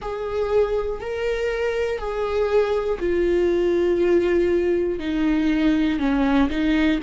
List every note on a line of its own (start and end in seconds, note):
0.01 1.00 G#4
1.00 1.98 A#4
1.98 2.98 G#4
3.00 4.99 F4
4.99 5.99 D#4
5.99 6.49 C#4
6.50 7.00 D#4